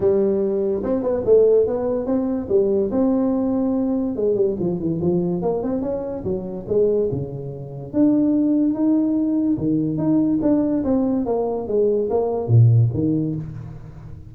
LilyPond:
\new Staff \with { instrumentName = "tuba" } { \time 4/4 \tempo 4 = 144 g2 c'8 b8 a4 | b4 c'4 g4 c'4~ | c'2 gis8 g8 f8 e8 | f4 ais8 c'8 cis'4 fis4 |
gis4 cis2 d'4~ | d'4 dis'2 dis4 | dis'4 d'4 c'4 ais4 | gis4 ais4 ais,4 dis4 | }